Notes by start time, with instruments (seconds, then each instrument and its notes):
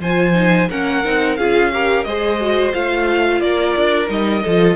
0.00 cello F3, viola F4, violin C5 G#5
0.34 viola D#4
0.69 cello A#3, viola C#4, violin A#4 F#5
1.04 cello C4, viola D#4
1.36 cello C#4, viola F4, violin G#4 F5
1.72 viola G4, violin A#4
2.04 cello G#3, viola G#4, violin C5 D#5
2.40 viola F#4
2.73 cello A3, viola F4, violin F5
3.40 cello A#3, violin A#4 D5
3.76 cello D4
4.07 cello G3, viola D#4, violin D#5
4.42 cello F3, viola F4, violin A4